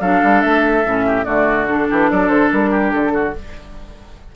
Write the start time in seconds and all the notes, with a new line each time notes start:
0.00 F#3 D4 A4 F5
0.22 G3
0.41 A3 E5
0.85 A2 C#4
1.06 G4
1.24 D3 A3 F#4 D5
1.68 D4 A4
1.89 E3 G4
2.10 F#3 A4 D5
2.28 D3 C5
2.51 G3 A#4
2.70 G4
2.91 D3 A4
3.14 F#4